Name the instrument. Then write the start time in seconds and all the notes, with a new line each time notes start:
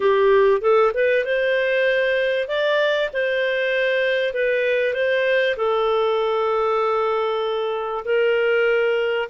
clarinet
0.00 G4
0.61 A4
0.93 B4
1.24 C5
2.47 D5
3.13 C5
4.33 B4
4.93 C5
5.56 A4
8.04 A#4